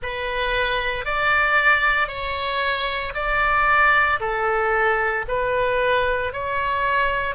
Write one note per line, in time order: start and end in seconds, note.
0.02 1.05 B4
1.05 2.08 D5
2.08 3.13 C#5
3.14 4.19 D5
4.20 5.25 A4
5.28 6.33 B4
6.33 7.35 C#5